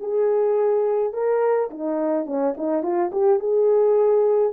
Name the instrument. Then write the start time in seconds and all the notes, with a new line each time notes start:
horn
0.00 G#4
1.13 A#4
1.70 D#4
2.26 C#4
2.57 D#4
2.83 F4
3.12 G4
3.40 G#4